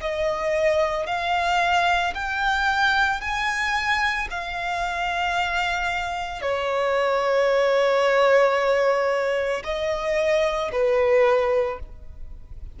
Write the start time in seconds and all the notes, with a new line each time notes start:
0.00 D#5
1.06 F5
2.14 G5
3.20 G#5
4.30 F5
6.41 C#5
9.64 D#5
10.71 B4